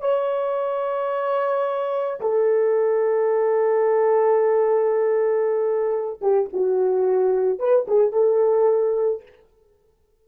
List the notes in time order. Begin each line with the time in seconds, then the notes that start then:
0.00 C#5
2.21 A4
6.21 G4
6.53 F#4
7.59 B4
7.88 G#4
8.12 A4